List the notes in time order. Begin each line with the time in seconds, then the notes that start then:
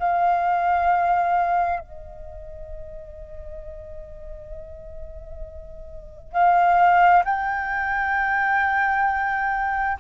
0.00 F5
1.80 D#5
6.33 F5
7.25 G5